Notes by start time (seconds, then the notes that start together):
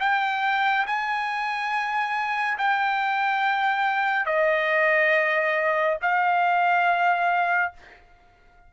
0.00 G5
0.86 G#5
2.58 G5
4.26 D#5
6.02 F5